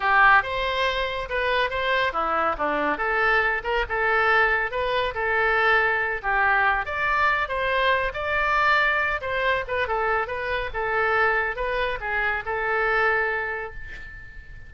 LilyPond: \new Staff \with { instrumentName = "oboe" } { \time 4/4 \tempo 4 = 140 g'4 c''2 b'4 | c''4 e'4 d'4 a'4~ | a'8 ais'8 a'2 b'4 | a'2~ a'8 g'4. |
d''4. c''4. d''4~ | d''4. c''4 b'8 a'4 | b'4 a'2 b'4 | gis'4 a'2. | }